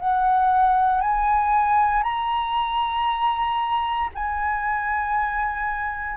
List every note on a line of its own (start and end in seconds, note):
0.00 1.02 F#5
1.02 2.03 G#5
2.03 4.10 A#5
4.15 6.17 G#5